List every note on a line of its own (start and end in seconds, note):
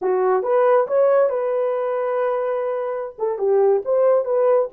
0.01 0.42 F#4
0.42 0.86 B4
0.87 1.29 C#5
1.29 3.15 B4
3.18 3.38 A4
3.38 3.82 G4
3.84 4.24 C5
4.24 4.68 B4